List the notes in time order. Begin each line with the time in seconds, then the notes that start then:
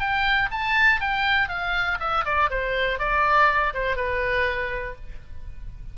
0.00 G5
0.51 A5
1.01 G5
1.49 F5
2.00 E5
2.25 D5
2.50 C5
2.99 D5
3.74 C5
3.96 B4